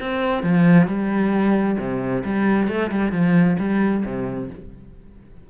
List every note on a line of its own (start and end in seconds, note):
0.00 0.43 C4
0.43 0.88 F3
0.88 1.78 G3
1.79 2.24 C3
2.25 2.68 G3
2.68 2.91 A3
2.91 3.12 G3
3.12 3.57 F3
3.59 4.04 G3
4.05 4.50 C3